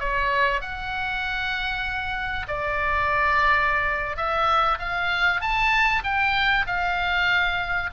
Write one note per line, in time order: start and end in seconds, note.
0.00 0.61 C#5
0.61 2.47 F#5
2.48 4.17 D5
4.17 4.79 E5
4.79 5.41 F5
5.41 6.03 A5
6.04 6.66 G5
6.67 7.90 F5